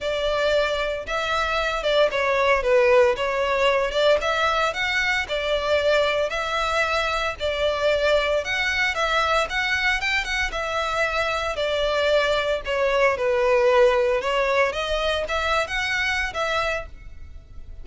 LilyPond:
\new Staff \with { instrumentName = "violin" } { \time 4/4 \tempo 4 = 114 d''2 e''4. d''8 | cis''4 b'4 cis''4. d''8 | e''4 fis''4 d''2 | e''2 d''2 |
fis''4 e''4 fis''4 g''8 fis''8 | e''2 d''2 | cis''4 b'2 cis''4 | dis''4 e''8. fis''4~ fis''16 e''4 | }